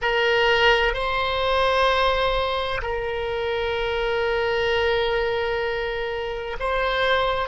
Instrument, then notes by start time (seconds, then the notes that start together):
oboe
0.01 A#4
0.93 C5
2.81 A#4
6.59 C5